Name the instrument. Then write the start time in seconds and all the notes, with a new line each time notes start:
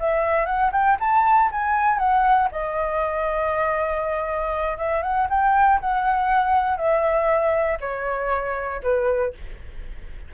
flute
0.00 E5
0.46 F#5
0.73 G5
1.00 A5
1.52 G#5
1.99 F#5
2.52 D#5
4.78 E5
5.03 F#5
5.30 G5
5.81 F#5
6.78 E5
7.81 C#5
8.83 B4